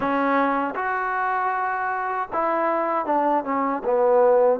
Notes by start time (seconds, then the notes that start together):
0.00 C#4
0.75 F#4
2.33 E4
3.05 D4
3.44 C#4
3.84 B3